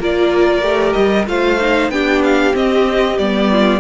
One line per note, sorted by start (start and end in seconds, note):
0.00 0.62 A#3
0.00 0.62 F4
0.00 1.28 A#4
0.00 0.93 D5
0.62 0.94 A3
0.62 1.25 G4
0.93 1.27 G3
0.93 1.25 D#5
1.27 1.89 A3
1.27 1.59 F4
1.27 1.92 C5
1.27 1.91 F5
1.60 1.91 D#4
1.89 2.53 B3
1.89 2.53 D4
1.89 3.51 G4
1.89 2.22 G5
2.24 2.55 F5
2.53 3.16 C4
2.53 3.19 C4
2.53 3.18 D#5
3.18 3.80 G3
3.18 3.80 B3
3.18 3.80 D5
3.51 3.80 F4